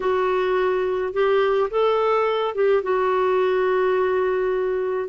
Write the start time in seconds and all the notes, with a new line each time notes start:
0.00 F#4
1.13 G4
1.70 A4
2.54 G4
2.83 F#4